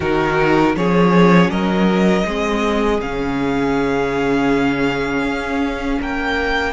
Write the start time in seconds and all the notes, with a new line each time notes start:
0.00 D#3 D#4 F#4 A#4
0.75 F3 C#4 G#4 C#5
1.48 F#3 A#4 D#5
2.25 G#3 C4 G#4
3.01 C#3 C#4 F5
5.23 C#4
6.00 A#3 A#4 G5